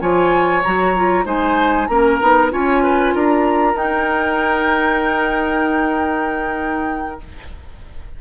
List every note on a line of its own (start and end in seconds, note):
0.00 0.63 F3
0.00 0.63 F4
0.00 1.25 C#5
0.00 0.62 G#5
0.63 1.25 F#3
0.63 0.96 F#4
0.63 1.26 A#5
0.96 1.24 F4
1.24 1.88 G#3
1.24 1.87 D#4
1.24 1.88 C5
1.24 1.87 G#5
1.87 2.20 A#3
1.87 2.21 C#4
1.87 2.52 A#4
1.87 2.50 A#5
2.21 2.52 B3
2.21 2.51 D#4
2.51 3.14 C#4
2.51 3.75 F4
2.51 2.83 C#5
2.51 3.16 G#5
2.83 3.14 B4
3.14 3.74 D4
3.14 7.21 A#4
3.14 3.77 A#5
3.74 7.18 D#4
3.74 7.19 D#4
3.74 7.21 G5